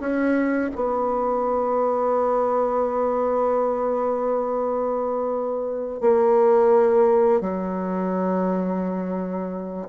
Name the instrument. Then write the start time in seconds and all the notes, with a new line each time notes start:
bassoon
0.00 C#4
0.75 B3
6.01 A#3
7.41 F#3